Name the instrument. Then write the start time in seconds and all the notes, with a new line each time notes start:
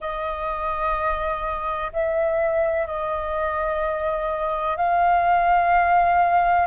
flute
0.00 D#5
1.93 E5
2.86 D#5
4.76 F5